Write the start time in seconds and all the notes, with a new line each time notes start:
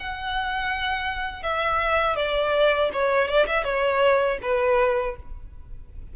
0.00 F#5
1.43 E5
2.16 D5
2.93 C#5
3.28 D5
3.47 E5
3.64 C#5
4.42 B4